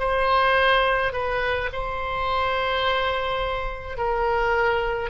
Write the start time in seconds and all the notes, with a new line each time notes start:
0.00 C5
1.13 B4
1.73 C5
3.98 A#4